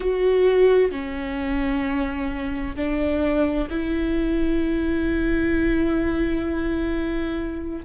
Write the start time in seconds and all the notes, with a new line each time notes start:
0.00 F#4
0.91 C#4
2.76 D4
3.70 E4